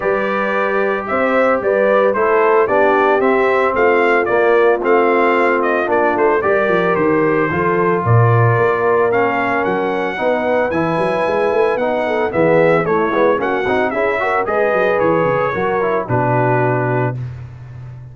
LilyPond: <<
  \new Staff \with { instrumentName = "trumpet" } { \time 4/4 \tempo 4 = 112 d''2 e''4 d''4 | c''4 d''4 e''4 f''4 | d''4 f''4. dis''8 d''8 c''8 | d''4 c''2 d''4~ |
d''4 f''4 fis''2 | gis''2 fis''4 e''4 | cis''4 fis''4 e''4 dis''4 | cis''2 b'2 | }
  \new Staff \with { instrumentName = "horn" } { \time 4/4 b'2 c''4 b'4 | a'4 g'2 f'4~ | f'1 | ais'2 a'4 ais'4~ |
ais'2. b'4~ | b'2~ b'8 a'8 gis'4 | e'4 fis'4 gis'8 ais'8 b'4~ | b'4 ais'4 fis'2 | }
  \new Staff \with { instrumentName = "trombone" } { \time 4/4 g'1 | e'4 d'4 c'2 | ais4 c'2 d'4 | g'2 f'2~ |
f'4 cis'2 dis'4 | e'2 dis'4 b4 | a8 b8 cis'8 dis'8 e'8 fis'8 gis'4~ | gis'4 fis'8 e'8 d'2 | }
  \new Staff \with { instrumentName = "tuba" } { \time 4/4 g2 c'4 g4 | a4 b4 c'4 a4 | ais4 a2 ais8 a8 | g8 f8 dis4 f4 ais,4 |
ais2 fis4 b4 | e8 fis8 gis8 a8 b4 e4 | a8 gis8 ais8 c'8 cis'4 gis8 fis8 | e8 cis8 fis4 b,2 | }
>>